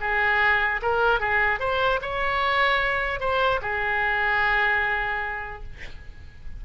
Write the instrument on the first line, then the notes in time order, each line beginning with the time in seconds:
oboe
0.00 G#4
0.82 A#4
1.20 G#4
1.59 C5
2.01 C#5
3.20 C5
3.61 G#4